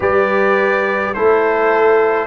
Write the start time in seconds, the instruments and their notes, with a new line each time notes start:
0.00 tuba G3, trombone G4, horn B4, trumpet D5
1.13 tuba A3, trombone E4, horn A4, trumpet C5